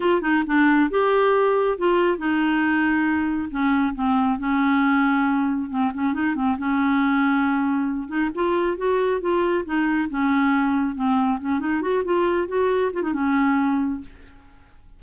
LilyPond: \new Staff \with { instrumentName = "clarinet" } { \time 4/4 \tempo 4 = 137 f'8 dis'8 d'4 g'2 | f'4 dis'2. | cis'4 c'4 cis'2~ | cis'4 c'8 cis'8 dis'8 c'8 cis'4~ |
cis'2~ cis'8 dis'8 f'4 | fis'4 f'4 dis'4 cis'4~ | cis'4 c'4 cis'8 dis'8 fis'8 f'8~ | f'8 fis'4 f'16 dis'16 cis'2 | }